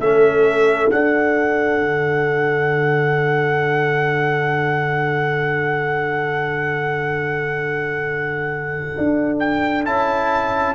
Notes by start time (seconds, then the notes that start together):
0.00 A3 C#4 A4 E5
0.90 D4 F#5
1.80 D3
8.98 D4
9.40 G5
9.85 C#4 E4 A5